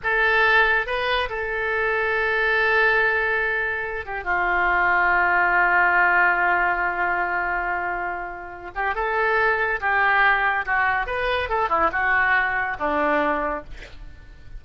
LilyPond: \new Staff \with { instrumentName = "oboe" } { \time 4/4 \tempo 4 = 141 a'2 b'4 a'4~ | a'1~ | a'4. g'8 f'2~ | f'1~ |
f'1~ | f'8 g'8 a'2 g'4~ | g'4 fis'4 b'4 a'8 e'8 | fis'2 d'2 | }